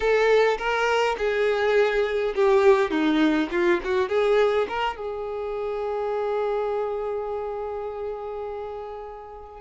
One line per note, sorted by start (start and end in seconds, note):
0.00 0.57 A4
0.57 1.16 A#4
1.18 2.34 G#4
2.35 2.90 G4
2.90 3.49 D#4
3.51 3.80 F4
3.84 4.08 F#4
4.08 4.67 G#4
4.68 4.96 A#4
4.96 9.61 G#4